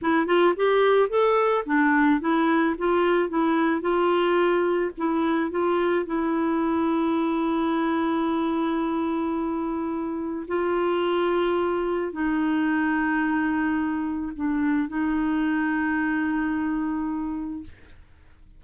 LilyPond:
\new Staff \with { instrumentName = "clarinet" } { \time 4/4 \tempo 4 = 109 e'8 f'8 g'4 a'4 d'4 | e'4 f'4 e'4 f'4~ | f'4 e'4 f'4 e'4~ | e'1~ |
e'2. f'4~ | f'2 dis'2~ | dis'2 d'4 dis'4~ | dis'1 | }